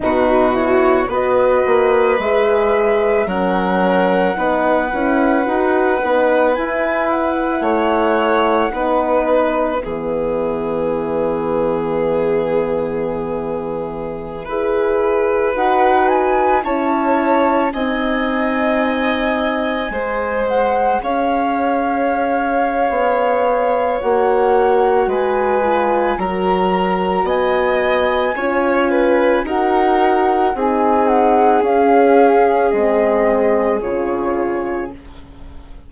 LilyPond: <<
  \new Staff \with { instrumentName = "flute" } { \time 4/4 \tempo 4 = 55 b'8 cis''8 dis''4 e''4 fis''4~ | fis''2 gis''8 fis''4.~ | fis''8 e''2.~ e''8~ | e''2~ e''16 fis''8 gis''8 a''8.~ |
a''16 gis''2~ gis''8 fis''8 f''8.~ | f''2 fis''4 gis''4 | ais''4 gis''2 fis''4 | gis''8 fis''8 f''4 dis''4 cis''4 | }
  \new Staff \with { instrumentName = "violin" } { \time 4/4 fis'4 b'2 ais'4 | b'2. cis''4 | b'4 gis'2.~ | gis'4~ gis'16 b'2 cis''8.~ |
cis''16 dis''2 c''4 cis''8.~ | cis''2. b'4 | ais'4 dis''4 cis''8 b'8 ais'4 | gis'1 | }
  \new Staff \with { instrumentName = "horn" } { \time 4/4 dis'8 e'8 fis'4 gis'4 cis'4 | dis'8 e'8 fis'8 dis'8 e'2 | dis'4 b2.~ | b4~ b16 gis'4 fis'4 e'8.~ |
e'16 dis'2 gis'4.~ gis'16~ | gis'2 fis'4. f'8 | fis'2 f'4 fis'4 | dis'4 cis'4 c'4 f'4 | }
  \new Staff \with { instrumentName = "bassoon" } { \time 4/4 b,4 b8 ais8 gis4 fis4 | b8 cis'8 dis'8 b8 e'4 a4 | b4 e2.~ | e4~ e16 e'4 dis'4 cis'8.~ |
cis'16 c'2 gis4 cis'8.~ | cis'4 b4 ais4 gis4 | fis4 b4 cis'4 dis'4 | c'4 cis'4 gis4 cis4 | }
>>